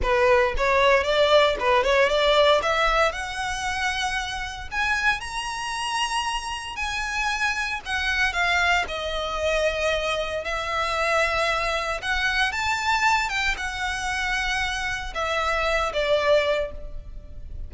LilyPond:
\new Staff \with { instrumentName = "violin" } { \time 4/4 \tempo 4 = 115 b'4 cis''4 d''4 b'8 cis''8 | d''4 e''4 fis''2~ | fis''4 gis''4 ais''2~ | ais''4 gis''2 fis''4 |
f''4 dis''2. | e''2. fis''4 | a''4. g''8 fis''2~ | fis''4 e''4. d''4. | }